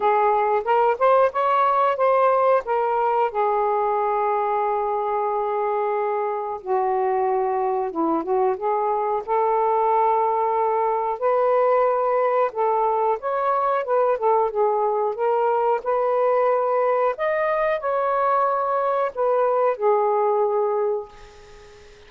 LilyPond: \new Staff \with { instrumentName = "saxophone" } { \time 4/4 \tempo 4 = 91 gis'4 ais'8 c''8 cis''4 c''4 | ais'4 gis'2.~ | gis'2 fis'2 | e'8 fis'8 gis'4 a'2~ |
a'4 b'2 a'4 | cis''4 b'8 a'8 gis'4 ais'4 | b'2 dis''4 cis''4~ | cis''4 b'4 gis'2 | }